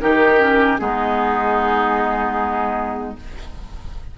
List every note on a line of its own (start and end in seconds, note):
0.00 0.80 D#3
0.00 0.39 D#4
0.00 0.81 G4
0.00 0.78 A#4
0.39 0.78 C#4
0.78 3.17 G#3
0.78 3.16 B3
0.78 3.18 D#4
0.78 3.15 G#4